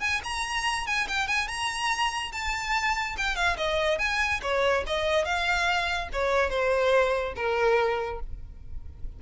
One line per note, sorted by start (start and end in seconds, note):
0.00 0.21 G#5
0.24 0.86 A#5
0.86 1.07 G#5
1.08 1.27 G5
1.27 1.48 G#5
1.48 2.32 A#5
2.32 3.16 A5
3.17 3.35 G5
3.35 3.56 F5
3.57 3.98 D#5
3.98 4.40 G#5
4.42 4.84 C#5
4.86 5.25 D#5
5.25 6.09 F5
6.13 6.50 C#5
6.50 7.34 C5
7.36 8.20 A#4